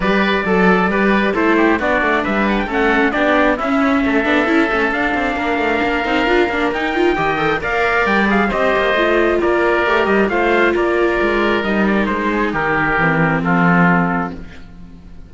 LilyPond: <<
  \new Staff \with { instrumentName = "trumpet" } { \time 4/4 \tempo 4 = 134 d''2. c''4 | d''4 e''8 fis''16 g''16 fis''4 d''4 | e''2. f''4~ | f''2. g''4~ |
g''4 f''4 g''8 f''8 dis''4~ | dis''4 d''4. dis''8 f''4 | d''2 dis''8 d''8 c''4 | ais'2 a'2 | }
  \new Staff \with { instrumentName = "oboe" } { \time 4/4 b'4 a'4 b'4 a'8 g'8 | fis'4 b'4 a'4 g'4 | e'4 a'2. | ais'1 |
dis''4 d''2 c''4~ | c''4 ais'2 c''4 | ais'2.~ ais'8 gis'8 | g'2 f'2 | }
  \new Staff \with { instrumentName = "viola" } { \time 4/4 g'4 a'4 g'4 e'4 | d'2 cis'4 d'4 | cis'4. d'8 e'8 cis'8 d'4~ | d'4. dis'8 f'8 d'8 dis'8 f'8 |
g'8 a'8 ais'4. gis'8 g'4 | f'2 g'4 f'4~ | f'2 dis'2~ | dis'4 c'2. | }
  \new Staff \with { instrumentName = "cello" } { \time 4/4 g4 fis4 g4 a4 | b8 a8 g4 a4 b4 | cis'4 a8 b8 cis'8 a8 d'8 c'8 | ais8 a8 ais8 c'8 d'8 ais8 dis'4 |
dis4 ais4 g4 c'8 ais8 | a4 ais4 a8 g8 a4 | ais4 gis4 g4 gis4 | dis4 e4 f2 | }
>>